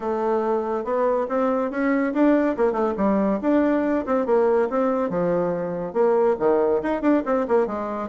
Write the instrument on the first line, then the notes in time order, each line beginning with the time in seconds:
bassoon
0.00 A3
0.84 B3
1.28 C4
1.70 C#4
2.13 D4
2.56 A#3
2.72 A3
2.97 G3
3.41 D4
4.06 C4
4.26 A#3
4.69 C4
5.09 F3
5.93 A#3
6.39 D#3
6.82 D#4
7.01 D4
7.25 C4
7.48 A#3
7.66 G#3